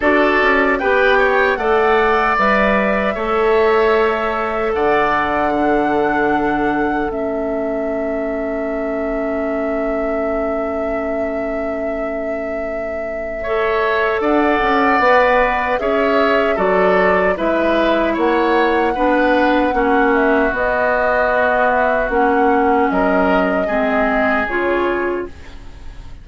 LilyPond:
<<
  \new Staff \with { instrumentName = "flute" } { \time 4/4 \tempo 4 = 76 d''4 g''4 fis''4 e''4~ | e''2 fis''2~ | fis''4 e''2.~ | e''1~ |
e''2 fis''2 | e''4 d''4 e''4 fis''4~ | fis''4. e''8 dis''4. e''8 | fis''4 dis''2 cis''4 | }
  \new Staff \with { instrumentName = "oboe" } { \time 4/4 a'4 b'8 cis''8 d''2 | cis''2 d''4 a'4~ | a'1~ | a'1~ |
a'4 cis''4 d''2 | cis''4 a'4 b'4 cis''4 | b'4 fis'2.~ | fis'4 ais'4 gis'2 | }
  \new Staff \with { instrumentName = "clarinet" } { \time 4/4 fis'4 g'4 a'4 b'4 | a'2. d'4~ | d'4 cis'2.~ | cis'1~ |
cis'4 a'2 b'4 | gis'4 fis'4 e'2 | d'4 cis'4 b2 | cis'2 c'4 f'4 | }
  \new Staff \with { instrumentName = "bassoon" } { \time 4/4 d'8 cis'8 b4 a4 g4 | a2 d2~ | d4 a2.~ | a1~ |
a2 d'8 cis'8 b4 | cis'4 fis4 gis4 ais4 | b4 ais4 b2 | ais4 fis4 gis4 cis4 | }
>>